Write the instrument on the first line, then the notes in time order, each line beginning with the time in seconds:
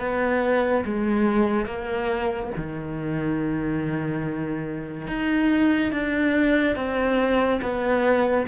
cello
0.00 B3
0.85 G#3
1.66 A#3
2.57 D#3
5.07 D#4
5.92 D4
6.76 C4
7.62 B3